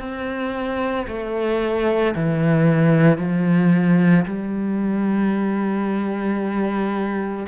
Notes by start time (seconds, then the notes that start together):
0.00 C4
1.08 A3
2.15 E3
3.18 F3
4.26 G3